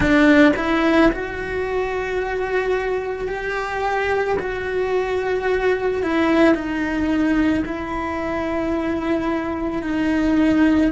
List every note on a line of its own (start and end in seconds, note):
0.00 0.52 D4
0.56 1.11 E4
1.12 3.28 F#4
3.28 4.37 G4
4.39 6.02 F#4
6.02 6.54 E4
6.54 7.63 D#4
7.65 9.82 E4
9.82 10.91 D#4